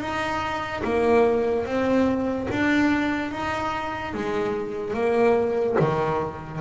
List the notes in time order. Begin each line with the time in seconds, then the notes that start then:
0.00 D#4
0.83 A#3
1.66 C4
2.50 D4
3.31 D#4
4.14 G#3
4.93 A#3
5.79 D#3